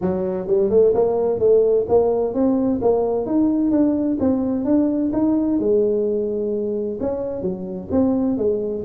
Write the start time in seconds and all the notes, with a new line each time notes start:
0.01 F#3
0.47 G3
0.70 A3
0.94 A#3
1.39 A3
1.88 A#3
2.34 C4
2.81 A#3
3.26 D#4
3.71 D4
4.20 C4
4.64 D4
5.12 D#4
5.59 G#3
7.00 C#4
7.42 F#3
7.91 C4
8.37 G#3